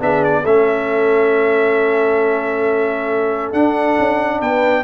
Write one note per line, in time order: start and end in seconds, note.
0.00 0.45 B3
0.00 0.44 D4
0.00 0.42 G#4
0.00 0.24 E5
0.24 0.46 D5
0.42 3.53 A3
0.42 3.55 C#4
0.42 4.39 A4
0.42 3.53 E5
3.53 3.97 D4
3.53 4.84 D4
3.53 4.41 F#5
3.99 4.41 C#4
4.40 4.84 B3
4.40 4.84 B4
4.40 4.84 G5